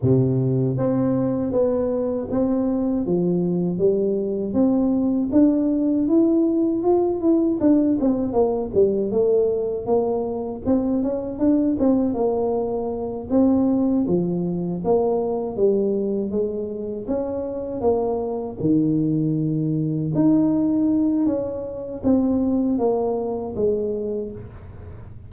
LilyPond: \new Staff \with { instrumentName = "tuba" } { \time 4/4 \tempo 4 = 79 c4 c'4 b4 c'4 | f4 g4 c'4 d'4 | e'4 f'8 e'8 d'8 c'8 ais8 g8 | a4 ais4 c'8 cis'8 d'8 c'8 |
ais4. c'4 f4 ais8~ | ais8 g4 gis4 cis'4 ais8~ | ais8 dis2 dis'4. | cis'4 c'4 ais4 gis4 | }